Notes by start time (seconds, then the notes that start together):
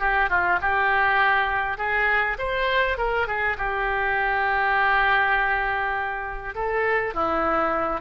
0.00 G4
0.30 F4
0.62 G4
1.78 G#4
2.39 C5
2.98 A#4
3.28 G#4
3.58 G4
6.55 A4
7.14 E4